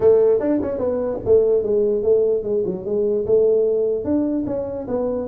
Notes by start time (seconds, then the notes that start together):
0.00 A3
0.40 D4
0.62 C#4
0.78 B3
1.25 A3
1.62 G#3
2.03 A3
2.43 G#3
2.65 F#3
2.85 G#3
3.26 A3
4.04 D4
4.46 C#4
4.87 B3